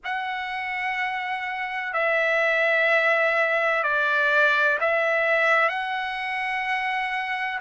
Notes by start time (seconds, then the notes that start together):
0.04 F#5
1.93 E5
3.83 D5
4.80 E5
5.68 F#5